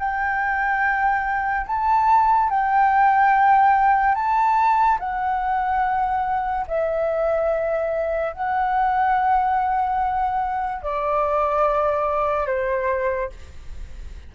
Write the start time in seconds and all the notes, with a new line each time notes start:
0.00 G5
1.67 A5
2.50 G5
4.16 A5
5.00 F#5
6.68 E5
8.34 F#5
10.83 D5
12.47 C5